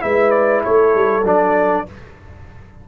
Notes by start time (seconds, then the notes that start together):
0.00 G#3 E4 B4 E5
0.30 D5
0.64 A3 A4 C#5
0.95 G3
1.23 F#3 D4 D5